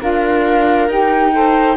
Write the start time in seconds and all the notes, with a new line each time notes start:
0.00 D4 F4 A#4 F5
0.88 D#4 G4 G5
1.32 A4 C5